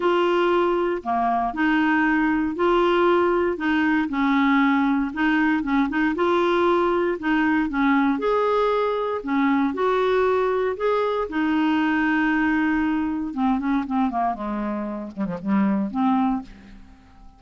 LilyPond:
\new Staff \with { instrumentName = "clarinet" } { \time 4/4 \tempo 4 = 117 f'2 ais4 dis'4~ | dis'4 f'2 dis'4 | cis'2 dis'4 cis'8 dis'8 | f'2 dis'4 cis'4 |
gis'2 cis'4 fis'4~ | fis'4 gis'4 dis'2~ | dis'2 c'8 cis'8 c'8 ais8 | gis4. g16 f16 g4 c'4 | }